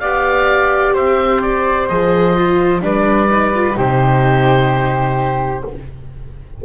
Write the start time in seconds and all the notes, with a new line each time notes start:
0.00 B3 G4 D5 F5
0.94 C4 C5 E5
1.42 D5
1.88 F3 G#4 D#5
2.36 F4
2.81 G3 D4 B4 D5
3.30 D#4
3.54 F4
3.74 C3 D#4 G4 C5